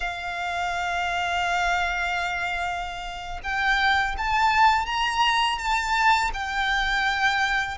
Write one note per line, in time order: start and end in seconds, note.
0.00 3.40 F5
3.43 4.15 G5
4.17 4.86 A5
4.86 5.58 A#5
5.58 6.31 A5
6.33 7.78 G5